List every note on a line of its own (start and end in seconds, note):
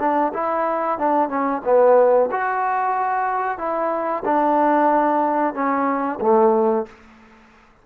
0.00 0.33 D4
0.34 0.99 E4
0.99 1.29 D4
1.29 1.62 C#4
1.65 2.30 B3
2.32 3.58 F#4
3.58 4.24 E4
4.25 5.54 D4
5.54 6.19 C#4
6.21 6.86 A3